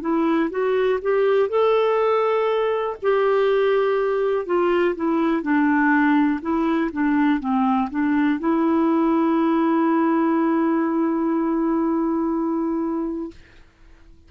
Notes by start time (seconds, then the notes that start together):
0.00 E4
0.50 F#4
1.01 G4
1.49 A4
3.02 G4
4.45 F4
4.95 E4
5.41 D4
6.41 E4
6.92 D4
7.39 C4
7.90 D4
8.39 E4